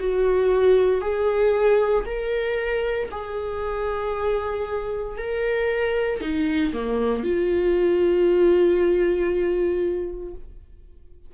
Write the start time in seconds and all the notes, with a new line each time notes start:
0.00 F#4
1.02 G#4
2.06 A#4
3.12 G#4
5.18 A#4
6.21 D#4
6.73 A#3
7.24 F4